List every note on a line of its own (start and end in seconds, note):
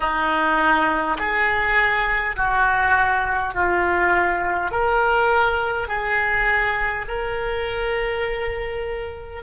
0.00 1.17 D#4
1.18 2.35 G#4
2.36 3.53 F#4
3.53 4.71 F4
4.71 5.88 A#4
5.88 7.05 G#4
7.07 9.43 A#4